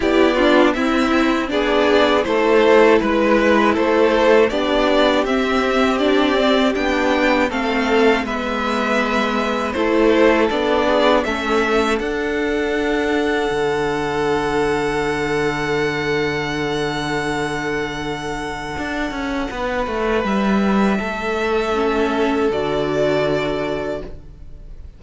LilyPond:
<<
  \new Staff \with { instrumentName = "violin" } { \time 4/4 \tempo 4 = 80 d''4 e''4 d''4 c''4 | b'4 c''4 d''4 e''4 | d''4 g''4 f''4 e''4~ | e''4 c''4 d''4 e''4 |
fis''1~ | fis''1~ | fis''2. e''4~ | e''2 d''2 | }
  \new Staff \with { instrumentName = "violin" } { \time 4/4 g'8 f'8 e'4 gis'4 a'4 | b'4 a'4 g'2~ | g'2 a'4 b'4~ | b'4 a'4. gis'8 a'4~ |
a'1~ | a'1~ | a'2 b'2 | a'1 | }
  \new Staff \with { instrumentName = "viola" } { \time 4/4 e'8 d'8 c'4 d'4 e'4~ | e'2 d'4 c'4 | d'8 c'8 d'4 c'4 b4~ | b4 e'4 d'4 cis'4 |
d'1~ | d'1~ | d'1~ | d'4 cis'4 fis'2 | }
  \new Staff \with { instrumentName = "cello" } { \time 4/4 b4 c'4 b4 a4 | gis4 a4 b4 c'4~ | c'4 b4 a4 gis4~ | gis4 a4 b4 a4 |
d'2 d2~ | d1~ | d4 d'8 cis'8 b8 a8 g4 | a2 d2 | }
>>